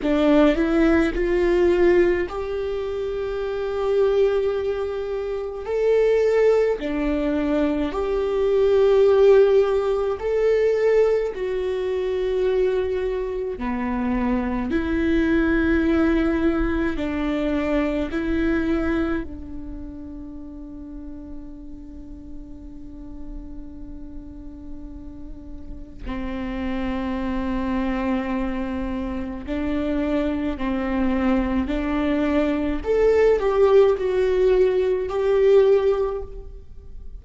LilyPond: \new Staff \with { instrumentName = "viola" } { \time 4/4 \tempo 4 = 53 d'8 e'8 f'4 g'2~ | g'4 a'4 d'4 g'4~ | g'4 a'4 fis'2 | b4 e'2 d'4 |
e'4 d'2.~ | d'2. c'4~ | c'2 d'4 c'4 | d'4 a'8 g'8 fis'4 g'4 | }